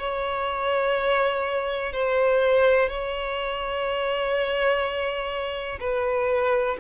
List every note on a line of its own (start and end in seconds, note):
0.00 1.93 C#5
1.93 2.89 C5
2.89 5.80 C#5
5.81 6.77 B4